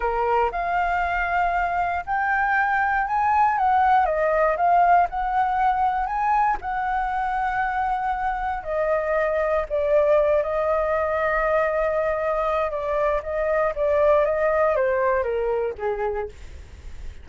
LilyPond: \new Staff \with { instrumentName = "flute" } { \time 4/4 \tempo 4 = 118 ais'4 f''2. | g''2 gis''4 fis''4 | dis''4 f''4 fis''2 | gis''4 fis''2.~ |
fis''4 dis''2 d''4~ | d''8 dis''2.~ dis''8~ | dis''4 d''4 dis''4 d''4 | dis''4 c''4 ais'4 gis'4 | }